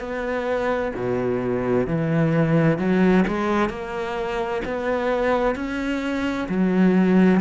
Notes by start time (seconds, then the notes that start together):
0.00 B3
0.96 B2
1.87 E3
2.78 F#3
3.27 G#3
3.70 A#3
4.65 B3
5.56 C#4
6.49 F#3